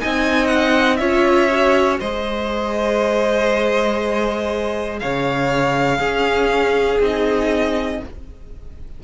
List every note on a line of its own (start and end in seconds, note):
0.00 1.00 C4
0.00 1.00 D#4
0.00 1.01 D#5
0.00 0.47 G#5
0.47 0.97 F#5
0.97 2.00 C#4
0.97 1.50 F4
0.97 2.00 C#5
0.97 1.97 E5
1.52 2.02 F#4
2.00 5.01 G#3
2.00 5.99 G#4
2.00 5.00 C5
2.00 5.00 D#5
5.00 6.00 C#3
5.00 5.99 C#5
5.00 7.00 F5
5.99 6.99 C#4
5.99 7.00 C#4
5.99 7.99 G#4
7.01 8.01 C4
7.01 8.03 D#4
7.01 8.04 D#5